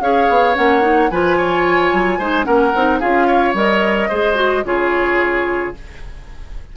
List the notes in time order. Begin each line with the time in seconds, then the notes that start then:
0.00 C#4 G#4 C#5 F5
0.29 B3
0.54 A#3 C#4 F#5
0.81 D#4
1.09 F3 F4 B4 G#5
1.37 C#5
1.92 F#3
2.18 G#3 D#4 C5
2.44 A#3 C#4 A#4 F#5
2.74 C4 D#4
2.99 C#4 F4 G#4 F5
3.27 C#5
3.53 G3 A#4 D#5
4.08 G#3 G#4 C5
4.34 F#4
4.64 C#3 F4 G#4 C#5